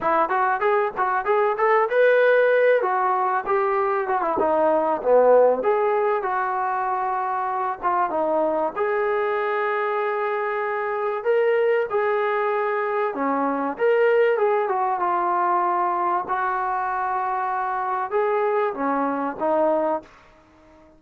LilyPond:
\new Staff \with { instrumentName = "trombone" } { \time 4/4 \tempo 4 = 96 e'8 fis'8 gis'8 fis'8 gis'8 a'8 b'4~ | b'8 fis'4 g'4 fis'16 e'16 dis'4 | b4 gis'4 fis'2~ | fis'8 f'8 dis'4 gis'2~ |
gis'2 ais'4 gis'4~ | gis'4 cis'4 ais'4 gis'8 fis'8 | f'2 fis'2~ | fis'4 gis'4 cis'4 dis'4 | }